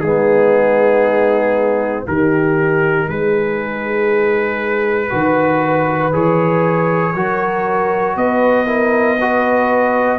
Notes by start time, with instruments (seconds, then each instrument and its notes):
0.00 tuba G#3, trombone B3, horn D#4, trumpet G#4
2.07 tuba D#3, trombone D#4, horn G4, trumpet A#4
3.08 tuba G#3, horn G#4, trumpet B4
5.10 tuba D#3, trombone F#4, horn B4
6.12 tuba E3, trombone G#4, trumpet C#5
7.14 tuba F#3, trombone F#4, horn A#4
8.16 tuba B3, horn B4, trumpet D#5
8.66 trombone E4, horn A#4
9.18 trombone F#4, horn B4